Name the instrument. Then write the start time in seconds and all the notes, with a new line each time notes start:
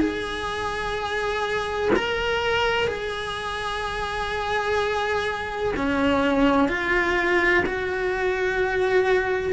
cello
0.00 G#4
1.96 A#4
2.87 G#4
5.77 C#4
6.68 F4
7.66 F#4